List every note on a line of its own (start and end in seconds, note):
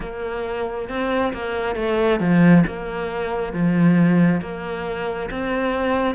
0.00 0.88 A#3
0.88 1.32 C4
1.33 1.75 A#3
1.75 2.19 A3
2.19 2.64 F3
2.67 3.53 A#3
3.53 4.41 F3
4.41 5.29 A#3
5.30 6.15 C4